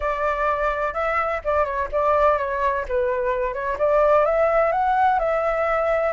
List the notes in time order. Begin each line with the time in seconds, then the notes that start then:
0.00 D5
0.93 E5
1.44 D5
1.64 C#5
1.92 D5
2.38 C#5
2.88 B4
3.53 C#5
3.78 D5
4.25 E5
4.72 F#5
5.19 E5